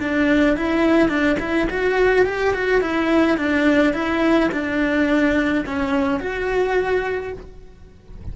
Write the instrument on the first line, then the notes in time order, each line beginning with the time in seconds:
cello
0.00 D4
0.57 E4
1.09 D4
1.39 E4
1.70 F#4
2.26 G4
2.54 F#4
2.81 E4
3.38 D4
3.93 E4
4.52 D4
5.66 C#4
6.20 F#4